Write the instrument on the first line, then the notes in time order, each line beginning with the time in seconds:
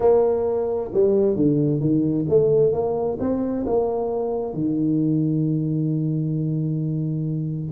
tuba
0.00 A#3
0.93 G3
1.36 D3
1.80 D#3
2.29 A3
2.72 A#3
3.19 C4
3.66 A#3
4.53 D#3